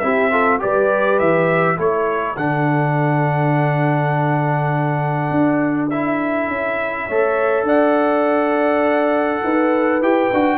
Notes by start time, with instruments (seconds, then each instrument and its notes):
0.00 tuba C4, trombone E4, horn G4, trumpet E5
0.32 trombone F4, horn A4
0.60 tuba G3, trombone G4, horn B4, trumpet D5
1.19 tuba E3, trumpet E5
1.77 tuba A3, trombone E4, horn A4, trumpet C#5
2.37 tuba D3, trombone D4, trumpet F#5
5.31 tuba D4
5.90 trombone E4, trumpet E5
6.48 tuba C#4
7.07 tuba A3, trombone A4, horn C#5
7.63 tuba D4, horn D5, trumpet F#5
9.44 tuba D#4, horn B4
10.01 tuba E4, trombone G4, trumpet G5
10.33 tuba D4, trombone F#4